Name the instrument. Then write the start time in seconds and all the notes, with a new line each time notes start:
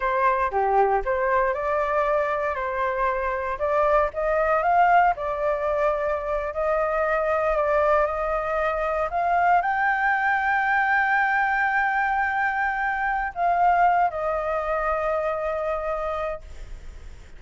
flute
0.00 C5
0.51 G4
1.04 C5
1.54 D5
2.55 C5
3.59 D5
4.13 D#5
4.62 F5
5.16 D5
6.53 D#5
7.56 D5
8.06 D#5
9.10 F5
9.61 G5
13.34 F5
14.10 D#5